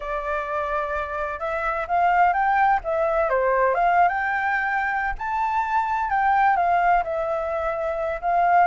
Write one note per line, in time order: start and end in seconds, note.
0.00 1.39 D5
1.39 1.86 E5
1.87 2.33 F5
2.33 2.80 G5
2.84 3.29 E5
3.29 3.74 C5
3.74 4.08 F5
4.08 5.13 G5
5.18 6.10 A5
6.10 6.56 G5
6.56 7.03 F5
7.03 8.20 E5
8.21 8.67 F5